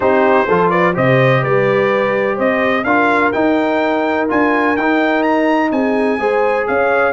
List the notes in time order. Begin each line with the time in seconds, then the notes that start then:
0.00 C4 D#4 G4 C5
0.47 F3 F4 A4
0.69 B4 D5
0.93 C3 G4 C5 D#5
1.42 G3 B4 D5
2.35 C4 C5 D#5
2.84 D4 F4 A#4 F5
3.32 D#4 G5
4.28 D4 F4 G#5
4.76 D#4 G5
5.22 A#5
5.71 C4 G#4 G#5
6.18 G#3 G#4 C5
6.67 C#4 C#5 F5